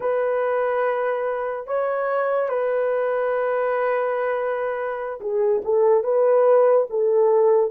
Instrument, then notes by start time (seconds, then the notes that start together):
horn
0.00 B4
1.67 C#5
2.48 B4
5.20 G#4
5.64 A4
6.03 B4
6.89 A4